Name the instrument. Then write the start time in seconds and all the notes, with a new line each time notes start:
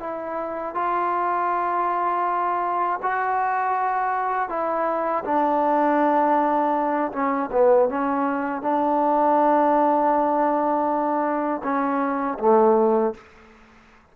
trombone
0.00 E4
0.75 F4
3.02 F#4
4.49 E4
5.25 D4
7.12 C#4
7.52 B3
7.89 C#4
8.62 D4
11.64 C#4
12.39 A3